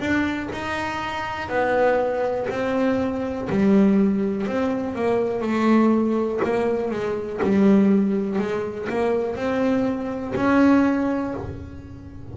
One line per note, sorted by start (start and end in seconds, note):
0.00 0.49 D4
0.53 1.49 D#4
1.49 2.47 B3
2.50 3.49 C4
3.50 4.47 G3
4.47 4.95 C4
4.95 5.42 A#3
5.42 6.40 A3
6.44 6.91 A#3
6.91 7.40 G#3
7.43 8.39 G3
8.39 8.88 G#3
8.89 9.36 A#3
9.36 10.34 C4
10.36 11.34 C#4